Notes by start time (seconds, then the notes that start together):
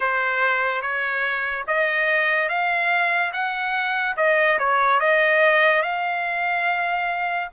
0.00 C5
0.81 C#5
1.67 D#5
2.48 F5
3.32 F#5
4.16 D#5
4.58 C#5
5.00 D#5
5.82 F5